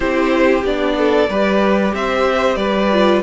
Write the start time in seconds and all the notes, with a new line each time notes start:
0.00 C4 E4 G4 C5
0.64 B3 D4 D5
0.97 A4
1.28 G3 G4 B4
1.94 C4 C5 E5
2.55 G3 B4 D5
2.92 F4